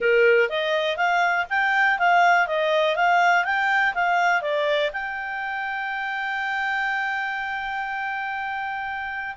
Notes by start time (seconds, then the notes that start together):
0.00 A#4
0.49 D#5
0.96 F5
1.49 G5
1.98 F5
2.47 D#5
2.96 F5
3.44 G5
3.94 F5
4.41 D5
4.92 G5